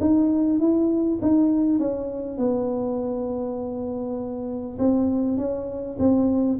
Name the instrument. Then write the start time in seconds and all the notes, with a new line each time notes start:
tuba
0.00 D#4
0.59 E4
1.22 D#4
1.79 C#4
2.38 B3
4.78 C4
5.38 C#4
5.99 C4